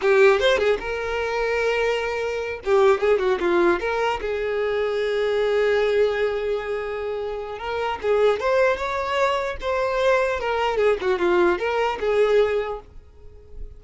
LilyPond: \new Staff \with { instrumentName = "violin" } { \time 4/4 \tempo 4 = 150 g'4 c''8 gis'8 ais'2~ | ais'2~ ais'8 g'4 gis'8 | fis'8 f'4 ais'4 gis'4.~ | gis'1~ |
gis'2. ais'4 | gis'4 c''4 cis''2 | c''2 ais'4 gis'8 fis'8 | f'4 ais'4 gis'2 | }